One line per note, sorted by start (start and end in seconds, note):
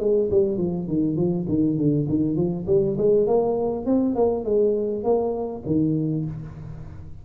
0.00 0.30 G#3
0.31 0.58 G3
0.58 0.88 F3
0.88 1.17 D#3
1.17 1.46 F3
1.49 1.78 D#3
1.78 2.08 D3
2.09 2.37 D#3
2.37 2.66 F3
2.67 2.97 G3
2.98 3.27 G#3
3.27 3.86 A#3
3.86 4.16 C4
4.16 4.45 A#3
4.45 5.04 G#3
5.04 5.63 A#3
5.66 6.26 D#3